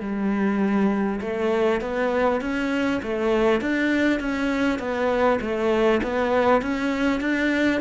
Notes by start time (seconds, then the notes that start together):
0.00 G3
1.21 A3
1.81 B3
2.41 C#4
3.02 A3
3.61 D4
4.19 C#4
4.78 B3
5.41 A3
6.03 B3
6.61 C#4
7.21 D4